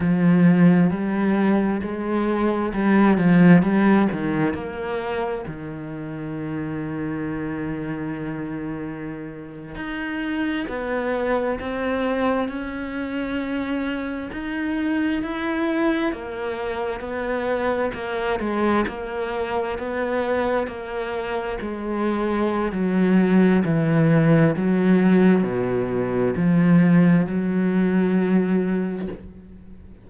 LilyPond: \new Staff \with { instrumentName = "cello" } { \time 4/4 \tempo 4 = 66 f4 g4 gis4 g8 f8 | g8 dis8 ais4 dis2~ | dis2~ dis8. dis'4 b16~ | b8. c'4 cis'2 dis'16~ |
dis'8. e'4 ais4 b4 ais16~ | ais16 gis8 ais4 b4 ais4 gis16~ | gis4 fis4 e4 fis4 | b,4 f4 fis2 | }